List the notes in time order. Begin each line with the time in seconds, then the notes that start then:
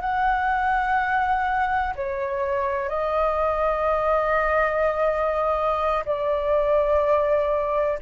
0.00 F#5
1.95 C#5
2.89 D#5
6.05 D5